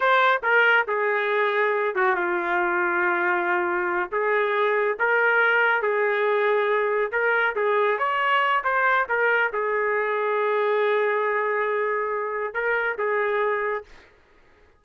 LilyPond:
\new Staff \with { instrumentName = "trumpet" } { \time 4/4 \tempo 4 = 139 c''4 ais'4 gis'2~ | gis'8 fis'8 f'2.~ | f'4. gis'2 ais'8~ | ais'4. gis'2~ gis'8~ |
gis'8 ais'4 gis'4 cis''4. | c''4 ais'4 gis'2~ | gis'1~ | gis'4 ais'4 gis'2 | }